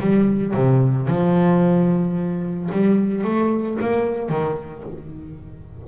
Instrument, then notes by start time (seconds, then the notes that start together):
double bass
0.00 G3
0.54 C3
1.08 F3
2.72 G3
3.24 A3
3.81 A#3
4.29 D#3